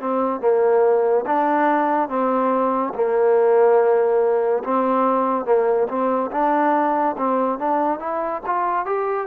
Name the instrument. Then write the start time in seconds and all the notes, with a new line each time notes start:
trombone
0.00 C4
0.40 A#3
1.26 D4
2.09 C4
2.94 A#3
4.64 C4
5.45 A#3
5.88 C4
6.31 D4
7.18 C4
7.59 D4
7.99 E4
8.46 F4
8.85 G4